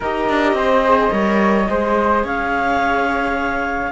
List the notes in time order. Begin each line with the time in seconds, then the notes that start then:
0.00 D#4 G4 A#4 D#5
0.29 D4
0.53 C4 C5
0.85 G#4
1.10 G3 A#4 C#5
1.69 G#3 G#4 C5
2.23 C#4 C#5 F5